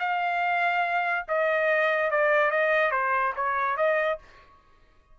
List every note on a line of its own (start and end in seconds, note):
0.00 1.26 F5
1.29 2.11 D#5
2.11 2.51 D5
2.51 2.91 D#5
2.91 3.33 C5
3.36 3.77 C#5
3.77 4.19 D#5